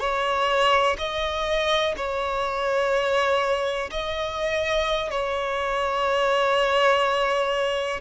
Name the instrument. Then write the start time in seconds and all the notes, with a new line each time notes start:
violin
0.00 C#5
0.99 D#5
1.97 C#5
3.91 D#5
5.11 C#5